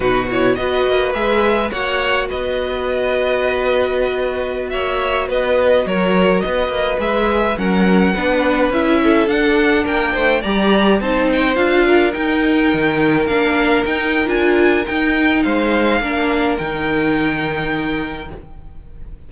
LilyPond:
<<
  \new Staff \with { instrumentName = "violin" } { \time 4/4 \tempo 4 = 105 b'8 cis''8 dis''4 e''4 fis''4 | dis''1~ | dis''16 e''4 dis''4 cis''4 dis''8.~ | dis''16 e''4 fis''2 e''8.~ |
e''16 fis''4 g''4 ais''4 a''8 g''16~ | g''16 f''4 g''2 f''8.~ | f''16 g''8. gis''4 g''4 f''4~ | f''4 g''2. | }
  \new Staff \with { instrumentName = "violin" } { \time 4/4 fis'4 b'2 cis''4 | b'1~ | b'16 cis''4 b'4 ais'4 b'8.~ | b'4~ b'16 ais'4 b'4. a'16~ |
a'4~ a'16 ais'8 c''8 d''4 c''8.~ | c''8. ais'2.~ ais'16~ | ais'2. c''4 | ais'1 | }
  \new Staff \with { instrumentName = "viola" } { \time 4/4 dis'8 e'8 fis'4 gis'4 fis'4~ | fis'1~ | fis'1~ | fis'16 gis'4 cis'4 d'4 e'8.~ |
e'16 d'2 g'4 dis'8.~ | dis'16 f'4 dis'2 d'8.~ | d'16 dis'8. f'4 dis'2 | d'4 dis'2. | }
  \new Staff \with { instrumentName = "cello" } { \time 4/4 b,4 b8 ais8 gis4 ais4 | b1~ | b16 ais4 b4 fis4 b8 ais16~ | ais16 gis4 fis4 b4 cis'8.~ |
cis'16 d'4 ais8 a8 g4 c'8.~ | c'16 d'4 dis'4 dis4 ais8.~ | ais16 dis'8. d'4 dis'4 gis4 | ais4 dis2. | }
>>